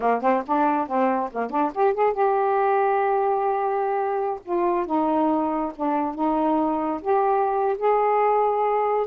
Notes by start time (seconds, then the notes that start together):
0.00 A#3
0.21 C4
0.47 D4
0.87 C4
1.31 A#3
1.50 D4
1.74 G4
1.93 G#4
2.13 G4
4.45 F4
4.86 D#4
5.76 D4
6.15 D#4
7.01 G4
7.77 G#4